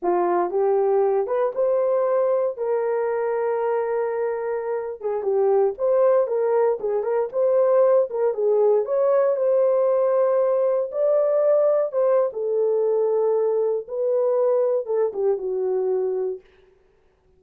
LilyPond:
\new Staff \with { instrumentName = "horn" } { \time 4/4 \tempo 4 = 117 f'4 g'4. b'8 c''4~ | c''4 ais'2.~ | ais'4.~ ais'16 gis'8 g'4 c''8.~ | c''16 ais'4 gis'8 ais'8 c''4. ais'16~ |
ais'16 gis'4 cis''4 c''4.~ c''16~ | c''4~ c''16 d''2 c''8. | a'2. b'4~ | b'4 a'8 g'8 fis'2 | }